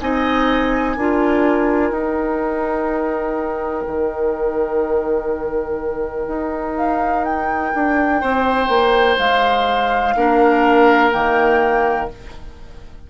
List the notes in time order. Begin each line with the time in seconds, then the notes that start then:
0.00 C4 D#4 D#5 G#5
0.97 D4 F4 A#4
1.91 D#4 G5
3.88 D#3
6.28 D#4
6.76 F5
7.25 G5
7.75 D4
8.21 C4 C5
8.69 A#3
9.18 G#3 F5
10.16 A#3 D4 A#4
11.12 D#3 A#3 G5